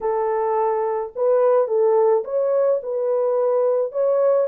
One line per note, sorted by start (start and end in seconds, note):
0.00 1.12 A4
1.15 1.67 B4
1.67 2.23 A4
2.24 2.80 C#5
2.82 3.92 B4
3.92 4.47 C#5